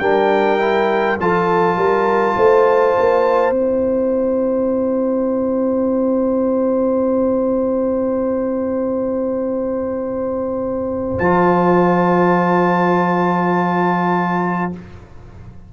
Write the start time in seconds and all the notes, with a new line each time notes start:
0.00 G3 D4 A#4 G5
0.59 E4
1.20 F3 F4 A4 A5
1.77 G3 A#4
2.37 A3 C5
2.99 A#3
3.51 C4 E4 G5
11.19 F3 F4 A5